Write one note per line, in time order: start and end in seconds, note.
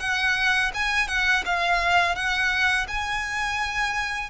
0.00 0.71 F#5
0.74 1.08 G#5
1.08 1.44 F#5
1.45 2.15 F5
2.15 2.87 F#5
2.88 4.30 G#5